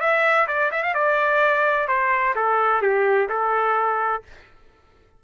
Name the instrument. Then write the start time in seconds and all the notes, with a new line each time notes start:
trumpet
0.00 E5
0.48 D5
0.71 E5
0.83 F5
0.94 D5
1.88 C5
2.35 A4
2.81 G4
3.29 A4